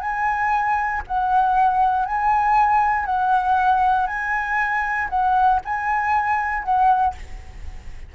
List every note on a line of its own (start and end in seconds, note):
0.00 1.02 G#5
1.07 2.05 F#5
2.05 3.05 G#5
3.05 4.07 F#5
4.07 5.08 G#5
5.09 5.60 F#5
5.64 6.63 G#5
6.63 7.14 F#5